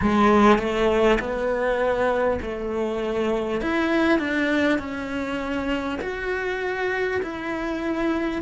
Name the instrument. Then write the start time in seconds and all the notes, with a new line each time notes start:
cello
0.01 G#3
0.58 A3
1.19 B3
2.41 A3
3.61 E4
4.18 D4
4.78 C#4
6.01 F#4
7.22 E4